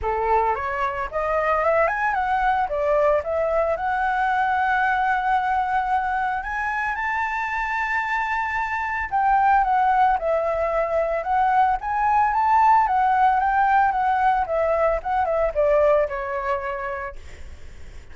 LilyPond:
\new Staff \with { instrumentName = "flute" } { \time 4/4 \tempo 4 = 112 a'4 cis''4 dis''4 e''8 gis''8 | fis''4 d''4 e''4 fis''4~ | fis''1 | gis''4 a''2.~ |
a''4 g''4 fis''4 e''4~ | e''4 fis''4 gis''4 a''4 | fis''4 g''4 fis''4 e''4 | fis''8 e''8 d''4 cis''2 | }